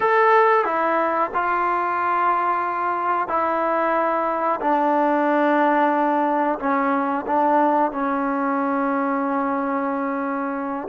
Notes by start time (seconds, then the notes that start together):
0.00 A4
0.64 E4
1.34 F4
3.28 E4
4.61 D4
6.59 C#4
7.26 D4
7.91 C#4